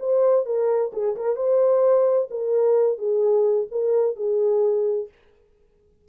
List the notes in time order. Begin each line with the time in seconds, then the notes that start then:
0.00 C5
0.46 A#4
0.93 G#4
1.16 A#4
1.36 C5
2.31 A#4
2.98 G#4
3.72 A#4
4.16 G#4